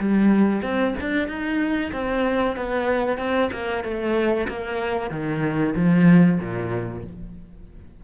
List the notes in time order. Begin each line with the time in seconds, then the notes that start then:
0.00 G3
0.63 C4
1.01 D4
1.28 D#4
1.93 C4
2.57 B3
3.19 C4
3.53 A#3
3.84 A3
4.49 A#3
5.11 D#3
5.76 F3
6.40 A#2